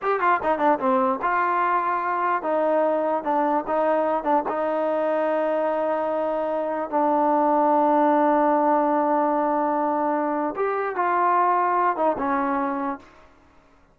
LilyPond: \new Staff \with { instrumentName = "trombone" } { \time 4/4 \tempo 4 = 148 g'8 f'8 dis'8 d'8 c'4 f'4~ | f'2 dis'2 | d'4 dis'4. d'8 dis'4~ | dis'1~ |
dis'4 d'2.~ | d'1~ | d'2 g'4 f'4~ | f'4. dis'8 cis'2 | }